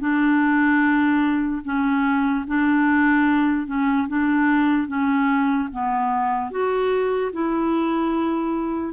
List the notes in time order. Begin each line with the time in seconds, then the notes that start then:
0.00 D4
1.64 C#4
2.47 D4
3.67 C#4
4.08 D4
4.88 C#4
5.72 B3
6.51 F#4
7.33 E4